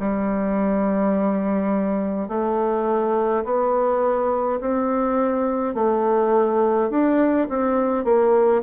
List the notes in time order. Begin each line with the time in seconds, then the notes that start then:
0.00 G3
2.29 A3
3.45 B3
4.60 C4
5.75 A3
6.90 D4
7.49 C4
8.05 A#3